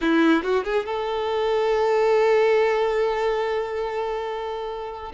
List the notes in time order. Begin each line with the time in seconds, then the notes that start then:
0.01 E4
0.43 F#4
0.64 G#4
0.85 A4